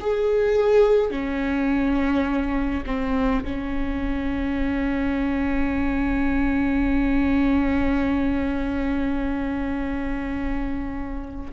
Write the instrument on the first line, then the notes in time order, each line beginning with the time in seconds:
viola
0.00 G#4
1.10 C#4
2.86 C4
3.44 C#4